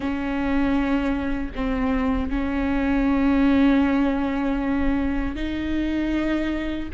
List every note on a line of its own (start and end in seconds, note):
0.00 1.52 C#4
1.55 2.29 C4
2.29 5.35 C#4
5.35 6.89 D#4